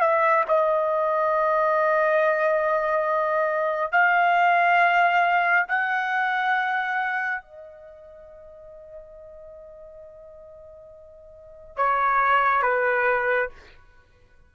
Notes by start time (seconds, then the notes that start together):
0.00 E5
0.48 D#5
3.92 F5
5.68 F#5
7.42 D#5
11.76 C#5
12.62 B4